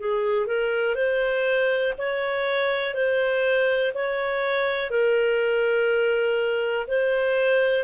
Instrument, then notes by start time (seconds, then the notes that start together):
clarinet
0.00 G#4
0.46 A#4
0.95 C5
1.98 C#5
2.94 C5
3.94 C#5
4.90 A#4
6.88 C5